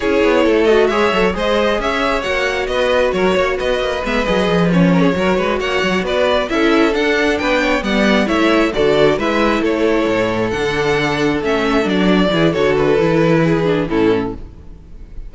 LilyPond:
<<
  \new Staff \with { instrumentName = "violin" } { \time 4/4 \tempo 4 = 134 cis''4. dis''8 e''4 dis''4 | e''4 fis''4 dis''4 cis''4 | dis''4 e''8 dis''4 cis''4.~ | cis''8 fis''4 d''4 e''4 fis''8~ |
fis''8 g''4 fis''4 e''4 d''8~ | d''8 e''4 cis''2 fis''8~ | fis''4. e''4 d''4. | cis''8 b'2~ b'8 a'4 | }
  \new Staff \with { instrumentName = "violin" } { \time 4/4 gis'4 a'4 cis''4 c''4 | cis''2 b'4 ais'8 cis''8 | b'2. ais'16 gis'16 ais'8 | b'8 cis''4 b'4 a'4.~ |
a'8 b'8 cis''8 d''4 cis''4 a'8~ | a'8 b'4 a'2~ a'8~ | a'2.~ a'8 gis'8 | a'2 gis'4 e'4 | }
  \new Staff \with { instrumentName = "viola" } { \time 4/4 e'4. fis'8 gis'8 a'8 gis'4~ | gis'4 fis'2.~ | fis'4 b8 gis'4 cis'4 fis'8~ | fis'2~ fis'8 e'4 d'8~ |
d'4. b4 e'4 fis'8~ | fis'8 e'2. d'8~ | d'4. cis'4 d'4 e'8 | fis'4 e'4. d'8 cis'4 | }
  \new Staff \with { instrumentName = "cello" } { \time 4/4 cis'8 b8 a4 gis8 fis8 gis4 | cis'4 ais4 b4 fis8 ais8 | b8 ais8 gis8 fis8 f4. fis8 | gis8 ais8 fis8 b4 cis'4 d'8~ |
d'8 b4 g4 a4 d8~ | d8 gis4 a4 a,4 d8~ | d4. a4 fis4 e8 | d4 e2 a,4 | }
>>